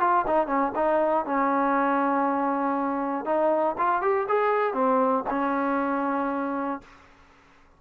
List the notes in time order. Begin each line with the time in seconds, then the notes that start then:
0.00 F4
0.27 D#4
0.47 C#4
0.75 D#4
1.26 C#4
3.25 D#4
3.78 F4
4.02 G4
4.29 G#4
4.74 C4
5.30 C#4